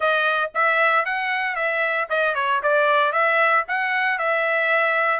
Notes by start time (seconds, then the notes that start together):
0.00 D#5
0.54 E5
1.05 F#5
1.55 E5
2.09 D#5
2.35 C#5
2.62 D5
3.12 E5
3.68 F#5
4.18 E5